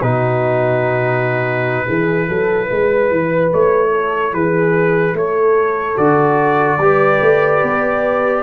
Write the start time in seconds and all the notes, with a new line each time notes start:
0.00 B2 D#4 F#4 B4
1.86 E3 E4 G#4
2.28 F#3 A4
2.66 G#3 B4
3.11 E3
3.53 A3 C#5
3.90 A4
4.33 E3 G#4 B4
5.13 A3 A4 C#5
5.97 D3 F#4 D5
6.78 G3 G4 B4
7.21 A3
7.63 B3